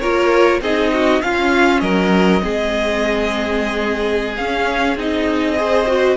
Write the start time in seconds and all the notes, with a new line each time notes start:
0.00 A#3 F4 A#4 C#5
0.61 C4 D#4 G#4 D#5
0.93 F#4
1.22 C#4 F4 F5
1.80 F#3 A#4 D#5
2.40 G#3 C4 G#4
4.37 C#4 F5
4.96 C4 D#4 D#5
5.56 G#4 C5
5.87 F#4